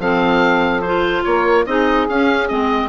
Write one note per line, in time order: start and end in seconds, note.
0.00 1.24 F3
0.00 0.84 C4
0.00 1.25 A4
0.00 0.82 F5
0.82 1.67 F4
0.82 1.23 C5
1.25 1.66 A#3
1.25 1.69 A#4
1.25 1.66 C#5
1.66 2.08 C4
1.66 2.09 D#4
1.66 2.89 G#4
1.66 2.08 D#5
2.10 2.51 C#4
2.10 2.49 C#4
2.10 2.49 F5
2.49 2.89 G#3
2.49 2.89 C4
2.49 2.89 D#5